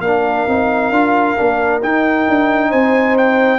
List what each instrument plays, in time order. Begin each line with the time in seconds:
0.00 tuba A#3, trombone D4, horn A#4, trumpet F5
0.48 tuba C4, trombone D#4
0.90 tuba D4, trombone F4
1.36 tuba A#3, trombone D4
1.82 tuba D#4, trombone D#4, trumpet G5
2.29 tuba D4
2.69 tuba C4, horn C5, trumpet G#5
3.17 trumpet G5